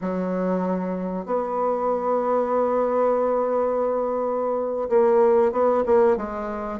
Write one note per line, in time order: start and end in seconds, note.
0.01 1.25 F#3
1.25 4.88 B3
4.89 5.51 A#3
5.51 5.83 B3
5.86 6.17 A#3
6.17 6.79 G#3